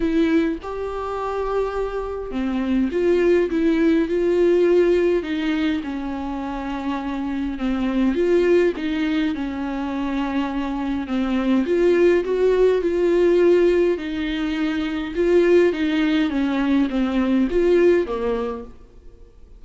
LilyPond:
\new Staff \with { instrumentName = "viola" } { \time 4/4 \tempo 4 = 103 e'4 g'2. | c'4 f'4 e'4 f'4~ | f'4 dis'4 cis'2~ | cis'4 c'4 f'4 dis'4 |
cis'2. c'4 | f'4 fis'4 f'2 | dis'2 f'4 dis'4 | cis'4 c'4 f'4 ais4 | }